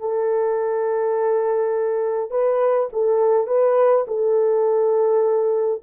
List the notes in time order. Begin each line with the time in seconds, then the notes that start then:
0.00 A4
2.31 B4
2.93 A4
3.47 B4
4.07 A4